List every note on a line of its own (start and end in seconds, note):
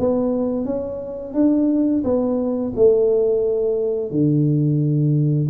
0.00 0.66 B3
0.66 1.34 C#4
1.34 2.03 D4
2.04 2.73 B3
2.76 4.11 A3
4.11 5.49 D3